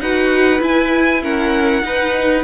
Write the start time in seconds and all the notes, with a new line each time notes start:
0.00 D#4 F#4 B4 F#5
0.60 E4 G#5
1.22 C#4 A#4 F#5
1.82 D#4 B4